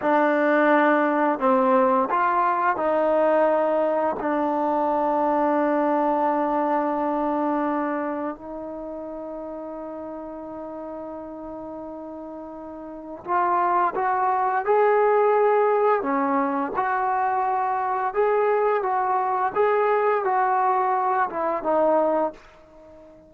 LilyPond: \new Staff \with { instrumentName = "trombone" } { \time 4/4 \tempo 4 = 86 d'2 c'4 f'4 | dis'2 d'2~ | d'1 | dis'1~ |
dis'2. f'4 | fis'4 gis'2 cis'4 | fis'2 gis'4 fis'4 | gis'4 fis'4. e'8 dis'4 | }